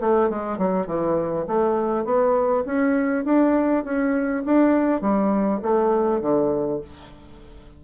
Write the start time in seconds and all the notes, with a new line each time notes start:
0.00 A3
0.29 G#3
0.58 F#3
0.87 E3
1.47 A3
2.05 B3
2.65 C#4
3.25 D4
3.84 C#4
4.45 D4
5.01 G3
5.62 A3
6.21 D3